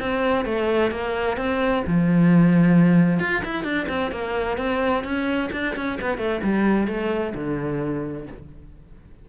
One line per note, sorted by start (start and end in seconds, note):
0.00 0.45 C4
0.45 0.91 A3
0.91 1.37 A#3
1.37 1.84 C4
1.87 3.20 F3
3.20 3.43 F4
3.45 3.64 E4
3.64 3.87 D4
3.89 4.12 C4
4.12 4.58 A#3
4.58 5.04 C4
5.04 5.50 C#4
5.53 5.76 D4
5.76 5.99 C#4
6.01 6.18 B3
6.18 6.41 A3
6.43 6.88 G3
6.88 7.34 A3
7.35 8.27 D3